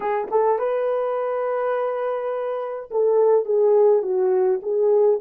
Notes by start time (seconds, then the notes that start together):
0.00 G#4
0.30 A4
0.58 B4
2.90 A4
3.45 G#4
4.02 F#4
4.62 G#4